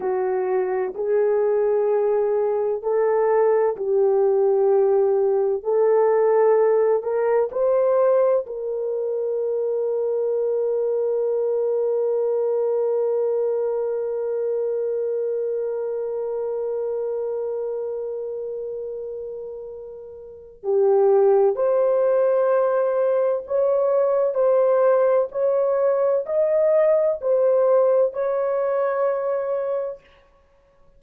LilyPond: \new Staff \with { instrumentName = "horn" } { \time 4/4 \tempo 4 = 64 fis'4 gis'2 a'4 | g'2 a'4. ais'8 | c''4 ais'2.~ | ais'1~ |
ais'1~ | ais'2 g'4 c''4~ | c''4 cis''4 c''4 cis''4 | dis''4 c''4 cis''2 | }